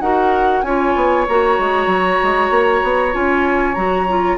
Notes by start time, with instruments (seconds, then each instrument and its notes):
0.00 bassoon D#4, clarinet F#4, oboe A#4, flute F#5
0.62 bassoon C#4, clarinet F4, oboe C#5, flute G#5
0.95 bassoon B3
1.27 bassoon A#3, clarinet F#4, flute A#5
1.58 bassoon G#3
1.86 bassoon F#3
2.22 bassoon G#3
2.50 bassoon A#3
2.83 bassoon B3
3.12 bassoon C#4, clarinet F4, flute G#5
3.74 bassoon F#3, clarinet F#4, flute A#5
4.08 clarinet F4